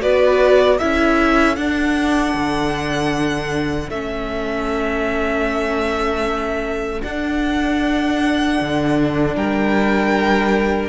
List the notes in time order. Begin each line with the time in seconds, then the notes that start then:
0.00 B3 F#4 B4 D5
0.78 C#4 E4 A4 E5
1.56 D4 F#5
2.34 D3
3.89 A3 C#4 E5
7.02 D4 F#5
8.61 D3
9.36 G3 A#4 G5